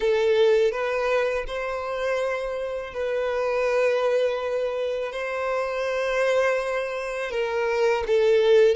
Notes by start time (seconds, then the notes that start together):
0.00 A4
0.71 B4
1.47 C5
2.93 B4
5.12 C5
7.30 A#4
8.07 A4